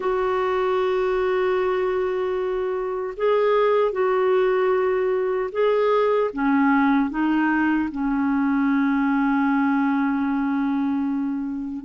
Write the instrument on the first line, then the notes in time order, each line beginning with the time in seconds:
clarinet
0.00 F#4
3.17 G#4
3.92 F#4
5.52 G#4
6.33 C#4
7.10 D#4
7.91 C#4